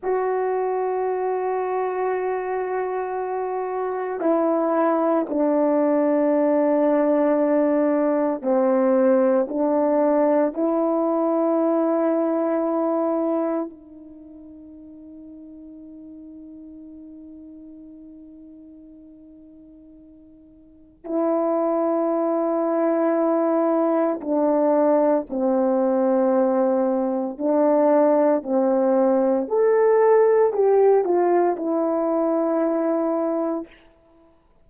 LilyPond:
\new Staff \with { instrumentName = "horn" } { \time 4/4 \tempo 4 = 57 fis'1 | e'4 d'2. | c'4 d'4 e'2~ | e'4 dis'2.~ |
dis'1 | e'2. d'4 | c'2 d'4 c'4 | a'4 g'8 f'8 e'2 | }